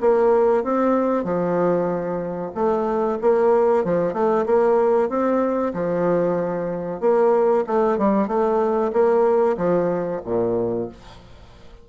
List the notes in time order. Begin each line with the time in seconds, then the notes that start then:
0.00 A#3
0.63 C4
1.24 F3
2.54 A3
3.21 A#3
3.84 F3
4.13 A3
4.45 A#3
5.09 C4
5.73 F3
7.00 A#3
7.66 A3
7.98 G3
8.27 A3
8.92 A#3
9.57 F3
10.24 A#2